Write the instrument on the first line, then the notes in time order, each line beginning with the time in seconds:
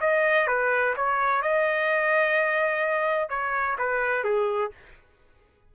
trumpet
0.00 D#5
0.47 B4
0.96 C#5
1.42 D#5
3.29 C#5
3.78 B4
4.24 G#4